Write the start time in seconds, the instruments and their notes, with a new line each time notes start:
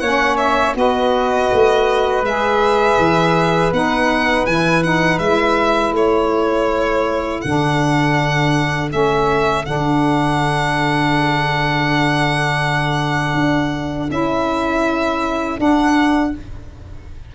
0.00 tuba A#3, saxophone C#4, flute C#5, violin F#5
0.38 violin E5
0.75 tuba B3, saxophone F#4, flute B4, violin D#5
1.53 tuba A3
2.23 tuba G#3, saxophone G#4, violin E5
2.99 tuba E3
3.72 tuba B3, saxophone D#4, violin F#5
4.46 tuba E3, saxophone E4, violin G#5
4.84 saxophone D#4, violin F#5
5.19 tuba G#3, saxophone E4, violin E5
5.93 tuba A3, flute A4, violin C#5
7.42 tuba D3, saxophone D4, violin F#5
8.90 tuba A3, saxophone C#4, violin E5
9.64 tuba D3, saxophone D4, violin F#5
13.35 tuba D4
14.09 tuba C#4, saxophone E4, violin E5
15.58 saxophone D4, tuba D4, violin F#5